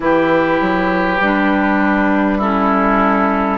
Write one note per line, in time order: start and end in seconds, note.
0.00 0.59 E3
0.00 1.18 E4
0.00 2.38 G4
0.00 2.41 B4
0.60 1.20 F#3
1.20 3.57 G3
1.20 2.41 D4
2.38 3.57 C#4
2.38 3.57 E4
2.38 3.57 A4